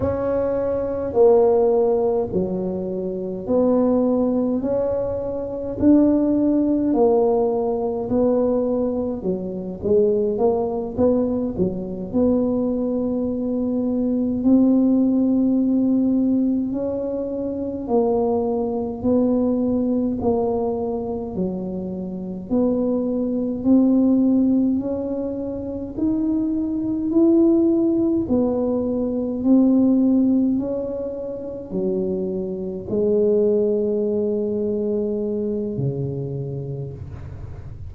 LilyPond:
\new Staff \with { instrumentName = "tuba" } { \time 4/4 \tempo 4 = 52 cis'4 ais4 fis4 b4 | cis'4 d'4 ais4 b4 | fis8 gis8 ais8 b8 fis8 b4.~ | b8 c'2 cis'4 ais8~ |
ais8 b4 ais4 fis4 b8~ | b8 c'4 cis'4 dis'4 e'8~ | e'8 b4 c'4 cis'4 fis8~ | fis8 gis2~ gis8 cis4 | }